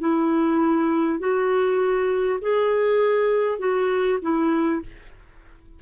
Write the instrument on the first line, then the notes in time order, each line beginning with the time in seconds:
clarinet
0.00 E4
1.19 F#4
2.41 G#4
3.59 F#4
4.22 E4